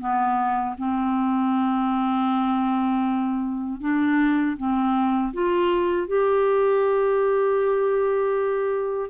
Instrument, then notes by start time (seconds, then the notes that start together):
clarinet
0.00 B3
0.78 C4
3.81 D4
4.57 C4
5.34 F4
6.08 G4